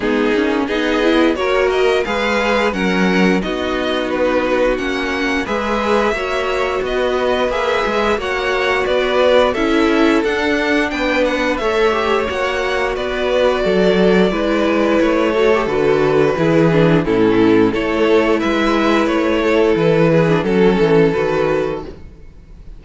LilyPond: <<
  \new Staff \with { instrumentName = "violin" } { \time 4/4 \tempo 4 = 88 gis'4 dis''4 cis''8 dis''8 f''4 | fis''4 dis''4 b'4 fis''4 | e''2 dis''4 e''4 | fis''4 d''4 e''4 fis''4 |
g''8 fis''8 e''4 fis''4 d''4~ | d''2 cis''4 b'4~ | b'4 a'4 cis''4 e''4 | cis''4 b'4 a'4 b'4 | }
  \new Staff \with { instrumentName = "violin" } { \time 4/4 dis'4 gis'4 ais'4 b'4 | ais'4 fis'2. | b'4 cis''4 b'2 | cis''4 b'4 a'2 |
b'4 cis''2 b'4 | a'4 b'4. a'4. | gis'4 e'4 a'4 b'4~ | b'8 a'4 gis'8 a'2 | }
  \new Staff \with { instrumentName = "viola" } { \time 4/4 b8 cis'8 dis'8 e'8 fis'4 gis'4 | cis'4 dis'2 cis'4 | gis'4 fis'2 gis'4 | fis'2 e'4 d'4~ |
d'4 a'8 g'8 fis'2~ | fis'4 e'4. fis'16 g'16 fis'4 | e'8 d'8 cis'4 e'2~ | e'4.~ e'16 d'16 cis'4 fis'4 | }
  \new Staff \with { instrumentName = "cello" } { \time 4/4 gis8 ais8 b4 ais4 gis4 | fis4 b2 ais4 | gis4 ais4 b4 ais8 gis8 | ais4 b4 cis'4 d'4 |
b4 a4 ais4 b4 | fis4 gis4 a4 d4 | e4 a,4 a4 gis4 | a4 e4 fis8 e8 dis4 | }
>>